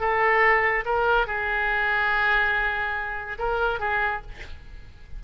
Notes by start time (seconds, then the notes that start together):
0.00 A4
0.85 A#4
1.27 G#4
3.39 A#4
3.80 G#4